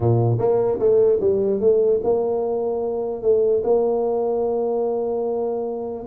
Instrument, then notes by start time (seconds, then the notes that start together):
tuba
0.00 A#2
0.38 A#3
0.79 A3
1.20 G3
1.60 A3
2.03 A#3
3.22 A3
3.63 A#3